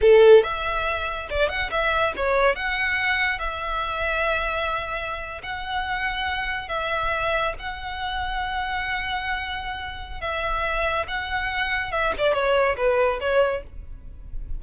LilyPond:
\new Staff \with { instrumentName = "violin" } { \time 4/4 \tempo 4 = 141 a'4 e''2 d''8 fis''8 | e''4 cis''4 fis''2 | e''1~ | e''8. fis''2. e''16~ |
e''4.~ e''16 fis''2~ fis''16~ | fis''1 | e''2 fis''2 | e''8 d''8 cis''4 b'4 cis''4 | }